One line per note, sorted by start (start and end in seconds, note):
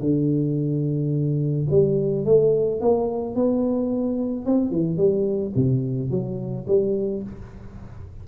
0.00 1.67 D3
1.70 2.25 G3
2.25 2.81 A3
2.81 3.35 A#3
3.35 4.45 B3
4.45 4.71 C4
4.71 4.97 E3
4.97 5.53 G3
5.55 6.10 C3
6.10 6.66 F#3
6.67 7.22 G3